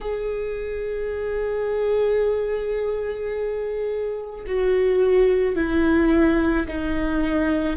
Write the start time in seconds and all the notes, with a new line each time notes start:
0.01 G#4
4.46 F#4
5.56 E4
6.67 D#4